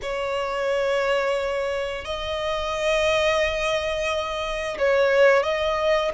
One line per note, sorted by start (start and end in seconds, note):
0.02 2.05 C#5
2.05 4.77 D#5
4.78 5.43 C#5
5.43 6.11 D#5